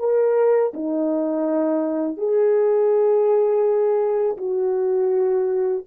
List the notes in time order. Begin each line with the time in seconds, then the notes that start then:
0.00 A#4
0.74 D#4
2.18 G#4
4.38 F#4